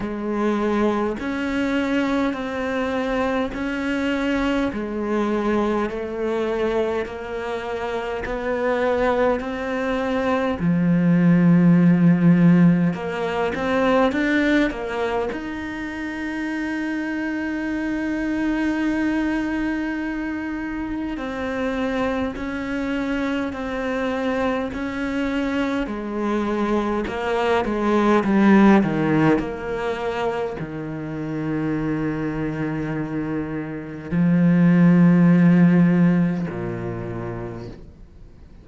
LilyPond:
\new Staff \with { instrumentName = "cello" } { \time 4/4 \tempo 4 = 51 gis4 cis'4 c'4 cis'4 | gis4 a4 ais4 b4 | c'4 f2 ais8 c'8 | d'8 ais8 dis'2.~ |
dis'2 c'4 cis'4 | c'4 cis'4 gis4 ais8 gis8 | g8 dis8 ais4 dis2~ | dis4 f2 ais,4 | }